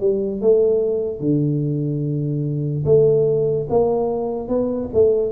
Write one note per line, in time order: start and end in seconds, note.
0.00 0.41 G3
0.41 1.20 A3
1.20 2.85 D3
2.85 3.67 A3
3.70 4.49 A#3
4.49 4.90 B3
4.94 5.32 A3